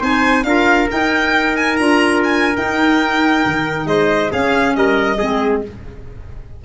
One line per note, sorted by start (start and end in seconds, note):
0.00 0.44 C4
0.00 0.44 D#4
0.00 0.44 C5
0.00 0.44 G#5
0.44 0.88 D4
0.44 0.88 F4
0.44 3.88 A#4
0.44 0.88 F5
0.88 1.76 D#4
0.88 1.80 D#4
0.88 1.56 G5
1.56 1.76 G#5
1.76 2.57 D4
1.76 2.55 F4
1.76 2.20 A#5
2.23 2.56 G#5
2.55 4.31 D#4
2.55 3.45 D#4
2.55 3.87 G5
3.45 3.85 D#3
3.85 4.30 G#3
3.85 4.31 C5
3.85 4.31 D#5
4.31 5.19 C#4
4.31 4.76 C#4
4.31 4.75 G#4
4.31 4.75 F5
4.75 5.20 G3
4.75 5.18 A#4
4.75 5.64 D#5
5.18 5.65 G#3
5.18 5.63 C4
5.18 5.62 G#4